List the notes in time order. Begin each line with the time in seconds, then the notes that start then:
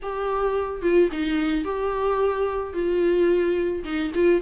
0.02 G4
0.82 F4
1.11 D#4
1.64 G4
2.73 F4
3.84 D#4
4.14 F4